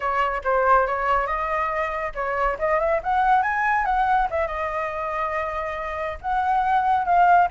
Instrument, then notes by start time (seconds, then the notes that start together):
flute
0.00 C#5
0.44 C5
0.86 C#5
1.26 D#5
2.14 C#5
2.58 D#5
2.79 E5
3.03 F#5
3.42 G#5
3.85 F#5
4.30 E5
4.47 D#5
6.21 F#5
7.05 F5